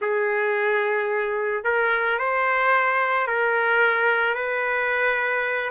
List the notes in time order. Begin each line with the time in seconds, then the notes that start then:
0.01 G#4
1.64 A#4
2.18 C5
3.27 A#4
4.34 B4